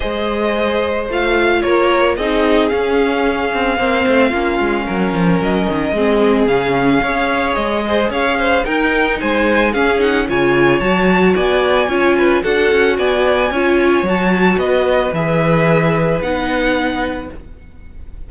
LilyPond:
<<
  \new Staff \with { instrumentName = "violin" } { \time 4/4 \tempo 4 = 111 dis''2 f''4 cis''4 | dis''4 f''2.~ | f''2 dis''2 | f''2 dis''4 f''4 |
g''4 gis''4 f''8 fis''8 gis''4 | a''4 gis''2 fis''4 | gis''2 a''4 dis''4 | e''2 fis''2 | }
  \new Staff \with { instrumentName = "violin" } { \time 4/4 c''2. ais'4 | gis'2. c''4 | f'4 ais'2 gis'4~ | gis'4 cis''4. c''8 cis''8 c''8 |
ais'4 c''4 gis'4 cis''4~ | cis''4 d''4 cis''8 b'8 a'4 | d''4 cis''2 b'4~ | b'1 | }
  \new Staff \with { instrumentName = "viola" } { \time 4/4 gis'2 f'2 | dis'4 cis'2 c'4 | cis'2. c'4 | cis'4 gis'2. |
dis'2 cis'8 dis'8 f'4 | fis'2 f'4 fis'4~ | fis'4 f'4 fis'2 | gis'2 dis'2 | }
  \new Staff \with { instrumentName = "cello" } { \time 4/4 gis2 a4 ais4 | c'4 cis'4. c'8 ais8 a8 | ais8 gis8 fis8 f8 fis8 dis8 gis4 | cis4 cis'4 gis4 cis'4 |
dis'4 gis4 cis'4 cis4 | fis4 b4 cis'4 d'8 cis'8 | b4 cis'4 fis4 b4 | e2 b2 | }
>>